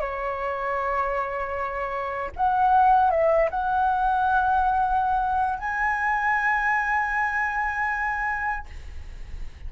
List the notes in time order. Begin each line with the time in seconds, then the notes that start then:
0.00 C#5
2.36 F#5
3.10 E5
3.50 F#5
5.58 G#5